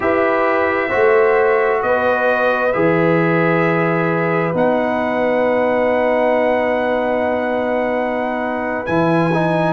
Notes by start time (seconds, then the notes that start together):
0.00 E4 G4 B4 E5
0.89 A3 F#4 C5
1.82 B3 B4 D#5
2.72 E3 G#4 E5
4.53 B3 D#4 F#5
8.85 E3 E4 G#5
9.33 D#4